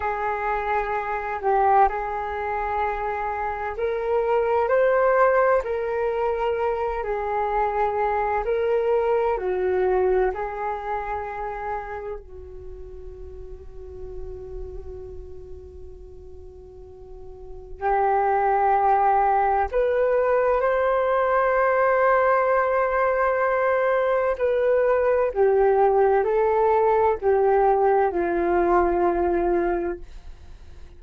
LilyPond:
\new Staff \with { instrumentName = "flute" } { \time 4/4 \tempo 4 = 64 gis'4. g'8 gis'2 | ais'4 c''4 ais'4. gis'8~ | gis'4 ais'4 fis'4 gis'4~ | gis'4 fis'2.~ |
fis'2. g'4~ | g'4 b'4 c''2~ | c''2 b'4 g'4 | a'4 g'4 f'2 | }